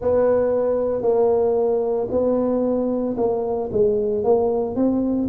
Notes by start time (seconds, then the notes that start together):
0.01 B3
1.02 A#3
2.11 B3
3.17 A#3
3.71 G#3
4.23 A#3
4.75 C4